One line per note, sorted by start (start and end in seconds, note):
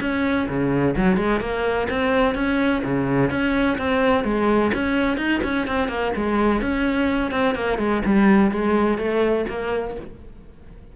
0.00 0.47 C#4
0.48 0.95 C#3
0.96 1.16 F#3
1.16 1.40 G#3
1.40 1.87 A#3
1.89 2.34 C4
2.34 2.82 C#4
2.83 3.30 C#3
3.30 3.77 C#4
3.78 4.24 C4
4.24 4.71 G#3
4.74 5.17 C#4
5.17 5.41 D#4
5.44 5.67 C#4
5.67 5.88 C4
5.88 6.12 A#3
6.16 6.61 G#3
6.61 7.31 C#4
7.31 7.55 C4
7.55 7.78 A#3
7.78 8.02 G#3
8.05 8.51 G3
8.51 8.97 G#3
8.97 9.45 A3
9.48 9.96 A#3